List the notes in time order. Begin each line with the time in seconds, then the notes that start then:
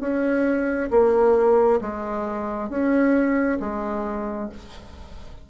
0.00 C#4
0.90 A#3
1.81 G#3
2.69 C#4
3.60 G#3